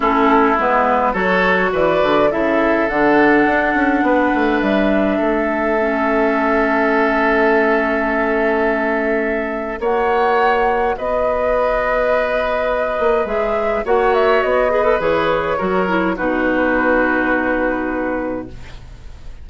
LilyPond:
<<
  \new Staff \with { instrumentName = "flute" } { \time 4/4 \tempo 4 = 104 a'4 b'4 cis''4 d''4 | e''4 fis''2. | e''1~ | e''1~ |
e''4 fis''2 dis''4~ | dis''2. e''4 | fis''8 e''8 dis''4 cis''2 | b'1 | }
  \new Staff \with { instrumentName = "oboe" } { \time 4/4 e'2 a'4 b'4 | a'2. b'4~ | b'4 a'2.~ | a'1~ |
a'4 cis''2 b'4~ | b'1 | cis''4. b'4. ais'4 | fis'1 | }
  \new Staff \with { instrumentName = "clarinet" } { \time 4/4 cis'4 b4 fis'2 | e'4 d'2.~ | d'2 cis'2~ | cis'1~ |
cis'4 fis'2.~ | fis'2. gis'4 | fis'4. gis'16 a'16 gis'4 fis'8 e'8 | dis'1 | }
  \new Staff \with { instrumentName = "bassoon" } { \time 4/4 a4 gis4 fis4 e8 d8 | cis4 d4 d'8 cis'8 b8 a8 | g4 a2.~ | a1~ |
a4 ais2 b4~ | b2~ b8 ais8 gis4 | ais4 b4 e4 fis4 | b,1 | }
>>